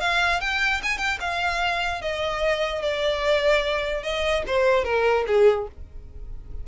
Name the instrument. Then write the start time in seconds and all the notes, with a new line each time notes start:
violin
0.00 F5
0.41 G5
0.83 G#5
0.98 G5
1.20 F5
2.01 D#5
2.82 D5
4.03 D#5
4.47 C5
4.84 A#4
5.27 G#4